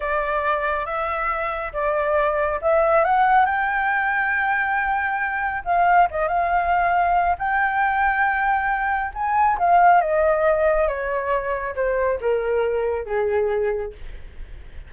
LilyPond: \new Staff \with { instrumentName = "flute" } { \time 4/4 \tempo 4 = 138 d''2 e''2 | d''2 e''4 fis''4 | g''1~ | g''4 f''4 dis''8 f''4.~ |
f''4 g''2.~ | g''4 gis''4 f''4 dis''4~ | dis''4 cis''2 c''4 | ais'2 gis'2 | }